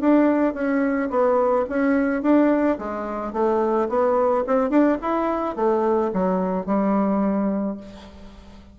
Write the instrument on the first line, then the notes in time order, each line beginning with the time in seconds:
bassoon
0.00 D4
0.54 C#4
1.10 B3
1.69 C#4
2.22 D4
2.78 G#3
3.33 A3
3.88 B3
4.46 C4
4.69 D4
5.01 E4
5.56 A3
6.13 F#3
6.65 G3